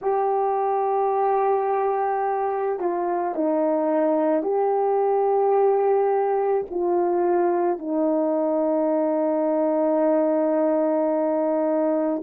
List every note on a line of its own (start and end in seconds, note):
0.02 2.79 G4
2.79 3.34 F4
3.34 4.42 D#4
4.42 6.65 G4
6.70 7.78 F4
7.78 12.22 D#4